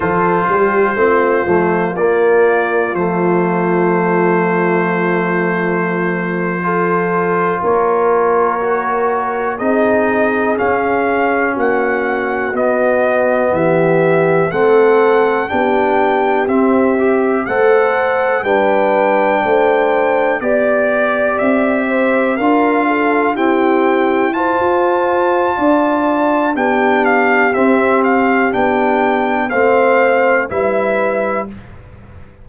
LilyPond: <<
  \new Staff \with { instrumentName = "trumpet" } { \time 4/4 \tempo 4 = 61 c''2 d''4 c''4~ | c''2.~ c''8. cis''16~ | cis''4.~ cis''16 dis''4 f''4 fis''16~ | fis''8. dis''4 e''4 fis''4 g''16~ |
g''8. e''4 fis''4 g''4~ g''16~ | g''8. d''4 e''4 f''4 g''16~ | g''8. a''2~ a''16 g''8 f''8 | e''8 f''8 g''4 f''4 e''4 | }
  \new Staff \with { instrumentName = "horn" } { \time 4/4 a'8 g'8 f'2.~ | f'2~ f'8. a'4 ais'16~ | ais'4.~ ais'16 gis'2 fis'16~ | fis'4.~ fis'16 g'4 a'4 g'16~ |
g'4.~ g'16 c''4 b'4 c''16~ | c''8. d''4. c''8 ais'8 a'8 g'16~ | g'8. c''4~ c''16 d''4 g'4~ | g'2 c''4 b'4 | }
  \new Staff \with { instrumentName = "trombone" } { \time 4/4 f'4 c'8 a8 ais4 a4~ | a2~ a8. f'4~ f'16~ | f'8. fis'4 dis'4 cis'4~ cis'16~ | cis'8. b2 c'4 d'16~ |
d'8. c'8 g'8 a'4 d'4~ d'16~ | d'8. g'2 f'4 c'16~ | c'8. f'2~ f'16 d'4 | c'4 d'4 c'4 e'4 | }
  \new Staff \with { instrumentName = "tuba" } { \time 4/4 f8 g8 a8 f8 ais4 f4~ | f2.~ f8. ais16~ | ais4.~ ais16 c'4 cis'4 ais16~ | ais8. b4 e4 a4 b16~ |
b8. c'4 a4 g4 a16~ | a8. b4 c'4 d'4 e'16~ | e'4 f'4 d'4 b4 | c'4 b4 a4 g4 | }
>>